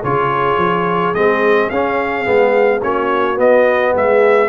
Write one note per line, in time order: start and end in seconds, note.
0.00 0.57 C#3
0.00 1.14 F4
0.00 2.78 G#4
0.00 1.14 C#5
0.57 1.12 F3
1.14 1.69 G#3
1.14 1.71 C4
1.14 1.69 D#5
1.69 2.26 C#4
1.69 2.25 C#4
1.69 2.81 F5
2.25 2.82 G#3
2.25 2.80 B3
2.82 3.37 A#3
2.82 3.35 C#4
2.82 3.93 F#4
2.82 3.38 C#5
3.35 4.46 B3
3.35 3.93 B3
3.35 3.95 D#5
3.93 4.49 G#3
3.93 4.48 G#4
3.93 4.49 E5